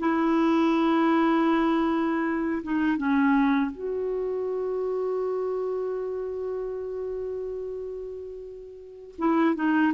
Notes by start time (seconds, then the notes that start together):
0.00 E4
2.64 D#4
2.98 C#4
3.72 F#4
9.19 E4
9.56 D#4